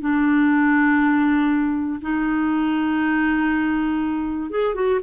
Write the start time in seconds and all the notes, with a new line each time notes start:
0.00 D4
2.01 D#4
4.50 G#4
4.75 F#4